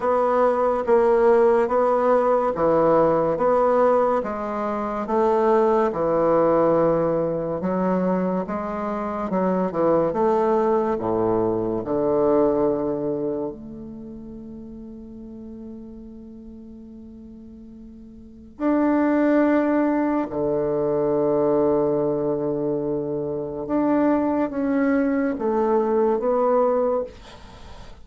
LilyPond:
\new Staff \with { instrumentName = "bassoon" } { \time 4/4 \tempo 4 = 71 b4 ais4 b4 e4 | b4 gis4 a4 e4~ | e4 fis4 gis4 fis8 e8 | a4 a,4 d2 |
a1~ | a2 d'2 | d1 | d'4 cis'4 a4 b4 | }